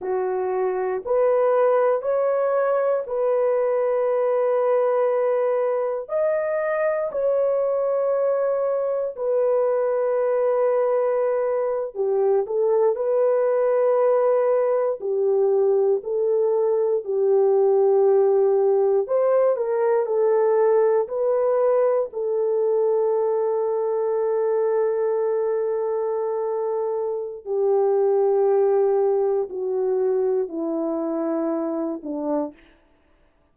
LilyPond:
\new Staff \with { instrumentName = "horn" } { \time 4/4 \tempo 4 = 59 fis'4 b'4 cis''4 b'4~ | b'2 dis''4 cis''4~ | cis''4 b'2~ b'8. g'16~ | g'16 a'8 b'2 g'4 a'16~ |
a'8. g'2 c''8 ais'8 a'16~ | a'8. b'4 a'2~ a'16~ | a'2. g'4~ | g'4 fis'4 e'4. d'8 | }